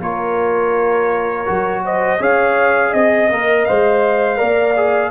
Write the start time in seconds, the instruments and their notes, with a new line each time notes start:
0.00 tuba A#3, trombone F4, horn A#4, trumpet C#5
1.46 tuba F#3, trombone F#4
1.85 horn C5, trumpet D#5
2.20 tuba C#4, trombone G#4, horn C#5, trumpet F5
2.90 tuba C4, horn D#5, trumpet D#5
3.31 tuba A#3, trombone A#4
3.66 tuba G#3, trombone C5, trumpet F5
4.37 tuba A#3, trombone A#4, horn D5
4.77 trombone G#4